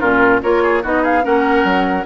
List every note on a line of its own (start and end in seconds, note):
0.00 0.43 A#2
0.00 0.43 C#4
0.00 0.41 F4
0.00 0.41 A#4
0.43 0.85 A#3
0.43 0.84 F4
0.43 0.64 A#4
0.43 0.84 C#5
0.64 0.83 G#4
0.83 1.25 B3
0.83 1.23 D#4
0.83 1.03 F#4
0.83 1.05 D#5
1.03 1.23 G#4
1.03 1.25 F5
1.23 1.65 A#3
1.23 2.05 C#4
1.23 2.07 A#4
1.23 2.07 F#5
1.65 2.05 F#3